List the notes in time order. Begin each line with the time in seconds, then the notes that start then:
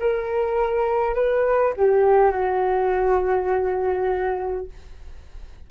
0.00 A#4
1.14 B4
1.76 G4
2.31 F#4